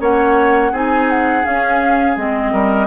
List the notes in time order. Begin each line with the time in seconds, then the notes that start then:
0.00 A#3 C#4 C#5 F#5
0.72 C4 D#4 G#4 G#5
1.10 F#5
1.44 C#4 F5
2.17 G#3 C4 D#5
2.53 G3 A#4